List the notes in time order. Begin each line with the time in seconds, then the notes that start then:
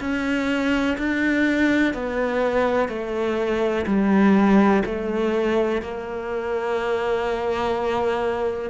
0.00 C#4
0.98 D4
1.94 B3
2.89 A3
3.86 G3
4.85 A3
5.82 A#3